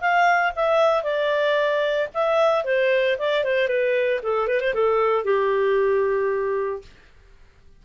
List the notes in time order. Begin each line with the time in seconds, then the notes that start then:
0.00 F5
0.55 E5
1.03 D5
2.14 E5
2.64 C5
3.18 D5
3.44 C5
3.67 B4
4.22 A4
4.47 B4
4.60 C5
4.74 A4
5.24 G4